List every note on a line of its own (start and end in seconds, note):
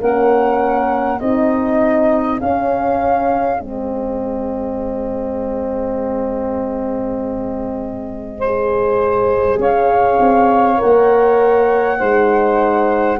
0.00 1.20 A#3
0.00 1.20 C#4
0.00 1.20 A#4
0.00 1.19 F#5
1.19 2.40 C4
1.19 2.39 D#4
1.19 8.38 G#4
1.19 2.39 D#5
2.39 3.58 C#4
2.39 3.60 C#4
2.39 3.60 F5
3.59 9.58 G#3
3.59 8.39 C4
3.59 9.60 D#5
8.38 9.58 C5
8.45 10.77 G#4
9.58 10.18 C#4
9.58 11.98 C#5
9.58 10.80 F5
10.19 10.79 C4
10.77 11.97 A#4
10.77 13.19 F#5
10.83 12.01 A#3
11.98 13.19 G#3
11.98 13.19 D#4
11.98 13.18 C5